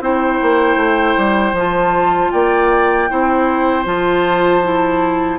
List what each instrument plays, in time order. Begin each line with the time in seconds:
0.00 bassoon C4, clarinet E4, oboe C5, flute G5
0.42 bassoon A#3
0.75 bassoon A3
1.17 bassoon G3
1.53 bassoon F3, clarinet F4, flute A5
2.31 bassoon A#3, oboe D5, flute G5
3.09 bassoon C4, clarinet E4, oboe C5
3.84 bassoon F3, clarinet F4, flute A5
4.63 clarinet E4